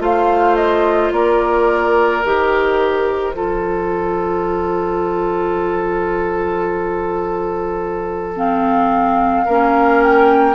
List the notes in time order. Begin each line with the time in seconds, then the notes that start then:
0.00 A3 F4 C5 F5
0.56 D#5
1.12 A#3 A#4 D5
2.23 D#3 G4 C5
3.34 F3 F4 A4
8.36 C4 F5
9.45 A#3 C#4 A#4
10.03 G5